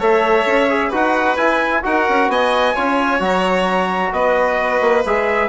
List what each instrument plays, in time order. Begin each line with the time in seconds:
0.00 bassoon A3, trombone A4, violin C#5, trumpet E5
0.46 bassoon C#4
0.70 trombone G#4
0.89 bassoon D#4, trombone F#4, violin B4
0.95 trumpet F#5
1.37 bassoon E4, trombone E4, trumpet G#5
1.83 bassoon D#4, trombone F#4, violin A#4, trumpet F#5
2.09 bassoon C#4
2.28 bassoon B3, violin D#5, trumpet G#5
2.74 bassoon C#4, trombone F4, violin C#5
3.20 bassoon F#3, trombone F#4, trumpet A#5
4.12 bassoon B3, violin B4, trumpet D#5
4.81 bassoon A#3
5.06 bassoon G#3, trombone G#4, trumpet E5